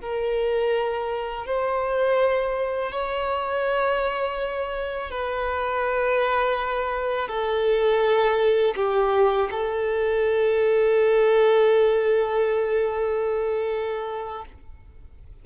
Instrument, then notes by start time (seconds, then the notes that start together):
violin
0.00 A#4
1.46 C5
2.91 C#5
5.10 B4
7.28 A4
8.76 G4
9.51 A4